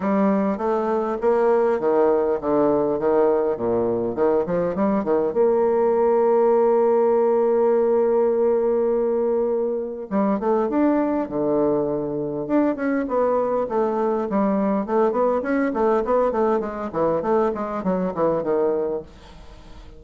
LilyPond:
\new Staff \with { instrumentName = "bassoon" } { \time 4/4 \tempo 4 = 101 g4 a4 ais4 dis4 | d4 dis4 ais,4 dis8 f8 | g8 dis8 ais2.~ | ais1~ |
ais4 g8 a8 d'4 d4~ | d4 d'8 cis'8 b4 a4 | g4 a8 b8 cis'8 a8 b8 a8 | gis8 e8 a8 gis8 fis8 e8 dis4 | }